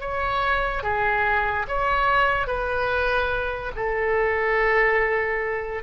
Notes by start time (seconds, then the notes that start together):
0.00 C#5
0.83 G#4
1.67 C#5
2.47 B4
3.75 A4